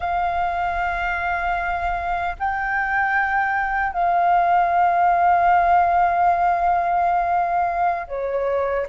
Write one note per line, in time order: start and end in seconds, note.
0.00 2.35 F5
2.39 3.93 G5
3.93 8.07 F5
8.07 8.86 C#5